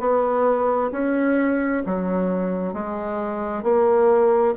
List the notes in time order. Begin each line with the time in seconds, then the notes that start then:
0.00 B3
0.92 C#4
1.86 F#3
2.74 G#3
3.63 A#3